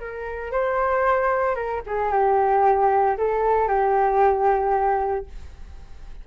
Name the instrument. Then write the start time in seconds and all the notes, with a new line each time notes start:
flute
0.00 A#4
0.52 C5
1.55 A#4
1.86 G#4
2.12 G4
3.18 A4
3.68 G4